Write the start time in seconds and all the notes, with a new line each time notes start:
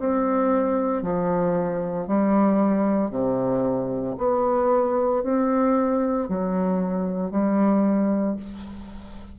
0.00 C4
1.03 F3
2.08 G3
3.11 C3
4.18 B3
5.23 C4
6.29 F#3
7.31 G3